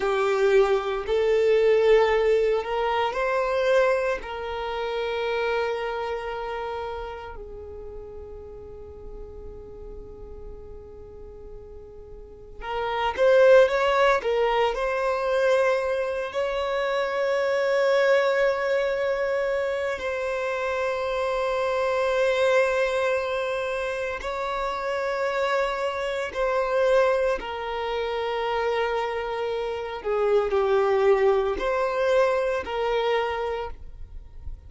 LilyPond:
\new Staff \with { instrumentName = "violin" } { \time 4/4 \tempo 4 = 57 g'4 a'4. ais'8 c''4 | ais'2. gis'4~ | gis'1 | ais'8 c''8 cis''8 ais'8 c''4. cis''8~ |
cis''2. c''4~ | c''2. cis''4~ | cis''4 c''4 ais'2~ | ais'8 gis'8 g'4 c''4 ais'4 | }